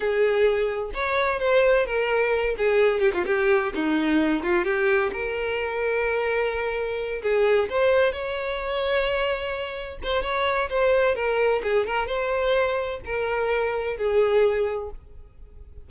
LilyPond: \new Staff \with { instrumentName = "violin" } { \time 4/4 \tempo 4 = 129 gis'2 cis''4 c''4 | ais'4. gis'4 g'16 f'16 g'4 | dis'4. f'8 g'4 ais'4~ | ais'2.~ ais'8 gis'8~ |
gis'8 c''4 cis''2~ cis''8~ | cis''4. c''8 cis''4 c''4 | ais'4 gis'8 ais'8 c''2 | ais'2 gis'2 | }